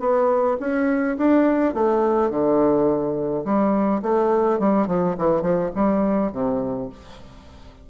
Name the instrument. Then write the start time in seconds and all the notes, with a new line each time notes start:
bassoon
0.00 B3
0.60 C#4
1.17 D4
1.74 A3
2.30 D3
3.45 G3
4.02 A3
4.59 G3
4.87 F3
5.18 E3
5.42 F3
5.75 G3
6.32 C3